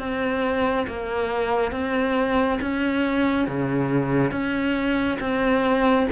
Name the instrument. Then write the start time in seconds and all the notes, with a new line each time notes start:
cello
0.00 C4
0.88 A#3
1.72 C4
2.62 C#4
3.48 C#3
4.32 C#4
5.20 C4